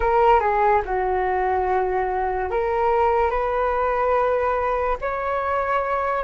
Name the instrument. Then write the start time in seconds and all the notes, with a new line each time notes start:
flute
0.00 A#4
0.39 G#4
0.85 F#4
2.50 A#4
3.30 B4
5.01 C#5